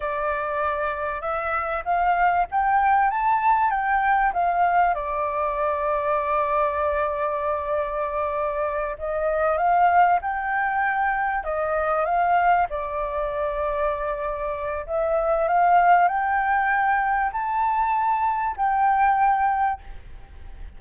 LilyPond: \new Staff \with { instrumentName = "flute" } { \time 4/4 \tempo 4 = 97 d''2 e''4 f''4 | g''4 a''4 g''4 f''4 | d''1~ | d''2~ d''8 dis''4 f''8~ |
f''8 g''2 dis''4 f''8~ | f''8 d''2.~ d''8 | e''4 f''4 g''2 | a''2 g''2 | }